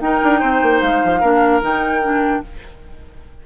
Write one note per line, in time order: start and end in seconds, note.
0.00 0.20 D#4
0.00 1.22 D#4
0.00 0.40 A#4
0.00 0.80 G5
0.23 0.42 D4
0.40 0.62 C4
0.40 1.20 C5
0.62 0.81 A#3
0.80 1.02 G#3
0.80 1.61 F5
1.03 1.22 F3
1.20 1.62 A#3
1.20 1.61 D4
1.20 2.41 A#4
1.61 2.43 D#3
1.61 2.01 D#4
1.61 2.45 G5
2.02 2.42 D4